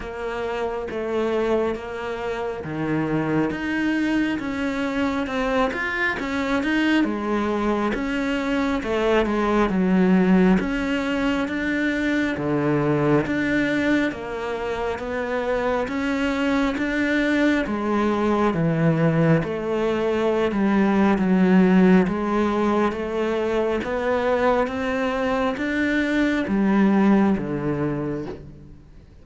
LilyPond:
\new Staff \with { instrumentName = "cello" } { \time 4/4 \tempo 4 = 68 ais4 a4 ais4 dis4 | dis'4 cis'4 c'8 f'8 cis'8 dis'8 | gis4 cis'4 a8 gis8 fis4 | cis'4 d'4 d4 d'4 |
ais4 b4 cis'4 d'4 | gis4 e4 a4~ a16 g8. | fis4 gis4 a4 b4 | c'4 d'4 g4 d4 | }